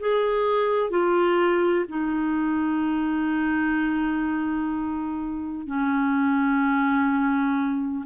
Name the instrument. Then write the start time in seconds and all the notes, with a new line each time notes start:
clarinet
0.00 G#4
0.90 F4
1.88 D#4
5.67 C#4